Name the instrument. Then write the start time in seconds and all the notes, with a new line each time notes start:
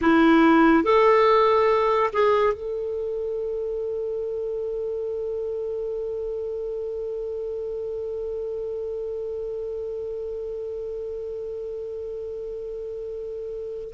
clarinet
0.01 E4
0.83 A4
2.13 G#4
2.53 A4